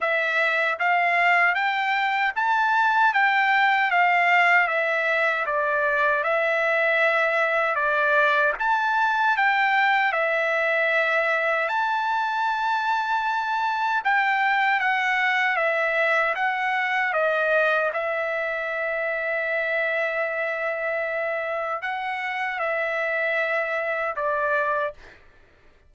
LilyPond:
\new Staff \with { instrumentName = "trumpet" } { \time 4/4 \tempo 4 = 77 e''4 f''4 g''4 a''4 | g''4 f''4 e''4 d''4 | e''2 d''4 a''4 | g''4 e''2 a''4~ |
a''2 g''4 fis''4 | e''4 fis''4 dis''4 e''4~ | e''1 | fis''4 e''2 d''4 | }